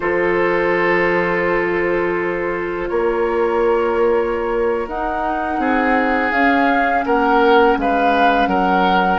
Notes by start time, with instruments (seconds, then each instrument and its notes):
0.00 bassoon F3, clarinet F4, oboe A4, flute C5
2.88 bassoon A#3, oboe A#4, flute C#5
4.87 bassoon D#4, clarinet D#4, flute F#5
5.58 bassoon C4, oboe G#4
6.31 bassoon C#4, clarinet C#4, flute F5
7.05 bassoon A#3, oboe A#4, flute F#5
7.76 bassoon G#3, oboe B4, flute F5
8.46 bassoon F#3, oboe A#4, flute F#5